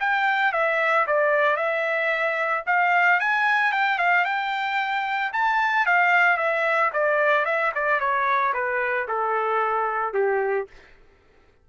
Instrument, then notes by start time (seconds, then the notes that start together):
trumpet
0.00 G5
0.52 E5
1.07 D5
1.57 E5
2.67 F5
3.20 G#5
3.72 G5
3.98 F5
4.25 G5
5.33 A5
5.86 F5
6.37 E5
6.93 D5
7.45 E5
7.75 D5
8.00 C#5
8.54 B4
9.08 A4
10.13 G4